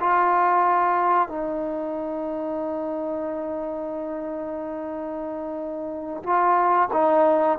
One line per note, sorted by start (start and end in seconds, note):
0.00 1.28 F4
1.28 6.23 D#4
6.23 6.89 F4
6.93 7.59 D#4